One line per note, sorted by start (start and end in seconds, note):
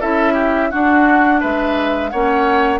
0.00 0.72 C#4
0.00 0.71 E4
0.00 0.33 A4
0.00 0.70 E5
0.33 0.68 G4
0.70 2.11 D4
0.70 1.43 D4
0.70 1.40 F#4
0.70 1.40 F#5
1.40 2.13 G#3
1.40 2.10 B4
1.40 2.09 E5
2.09 2.80 A#3
2.09 2.80 C#4
2.09 2.80 C#5
2.09 2.79 F#5